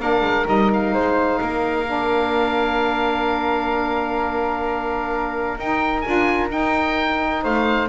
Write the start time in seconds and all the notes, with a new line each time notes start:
0.00 A#3 D4 A#4 F5
0.22 G#3
0.46 G3 D#4 D#5
0.74 F5
0.93 G#3 C5
1.41 A#3 A#4
1.86 D4
5.58 D#4 G5
6.01 D4 F4 G#5
6.49 D#4 G5
7.43 A3 C5 F5